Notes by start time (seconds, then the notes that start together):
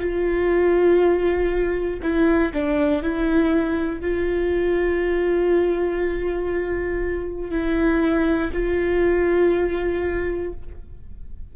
0.00 F4
2.02 E4
2.53 D4
3.02 E4
4.01 F4
7.50 E4
8.52 F4